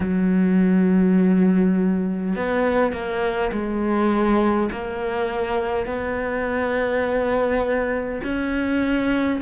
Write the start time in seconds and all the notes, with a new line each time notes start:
0.00 F#3
2.35 B3
2.92 A#3
3.51 G#3
4.71 A#3
5.86 B3
8.24 C#4